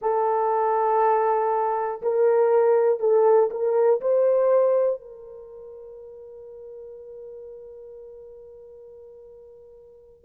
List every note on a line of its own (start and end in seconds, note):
0.01 2.01 A4
2.02 2.99 A#4
2.99 3.49 A4
3.50 4.00 A#4
4.00 5.00 C5
5.00 10.24 A#4